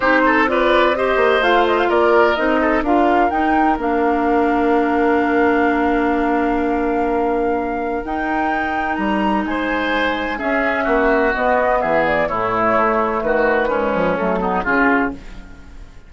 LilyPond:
<<
  \new Staff \with { instrumentName = "flute" } { \time 4/4 \tempo 4 = 127 c''4 d''4 dis''4 f''8 dis''16 f''16 | d''4 dis''4 f''4 g''4 | f''1~ | f''1~ |
f''4 g''2 ais''4 | gis''2 e''2 | dis''4 e''8 d''8 cis''2 | b'2 a'4 gis'4 | }
  \new Staff \with { instrumentName = "oboe" } { \time 4/4 g'8 a'8 b'4 c''2 | ais'4. a'8 ais'2~ | ais'1~ | ais'1~ |
ais'1 | c''2 gis'4 fis'4~ | fis'4 gis'4 e'2 | fis'4 cis'4. dis'8 f'4 | }
  \new Staff \with { instrumentName = "clarinet" } { \time 4/4 dis'4 f'4 g'4 f'4~ | f'4 dis'4 f'4 dis'4 | d'1~ | d'1~ |
d'4 dis'2.~ | dis'2 cis'2 | b2 a2~ | a4 gis4 a8 b8 cis'4 | }
  \new Staff \with { instrumentName = "bassoon" } { \time 4/4 c'2~ c'8 ais8 a4 | ais4 c'4 d'4 dis'4 | ais1~ | ais1~ |
ais4 dis'2 g4 | gis2 cis'4 ais4 | b4 e4 a,4 a4 | dis4. f8 fis4 cis4 | }
>>